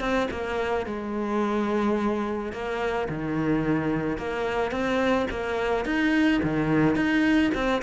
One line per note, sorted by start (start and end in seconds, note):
0.00 0.28 C4
0.31 0.86 A#3
0.86 2.52 G#3
2.52 3.08 A#3
3.09 4.18 D#3
4.18 4.71 A#3
4.71 5.27 C4
5.30 5.85 A#3
5.85 6.41 D#4
6.43 6.95 D#3
6.95 7.51 D#4
7.54 7.82 C4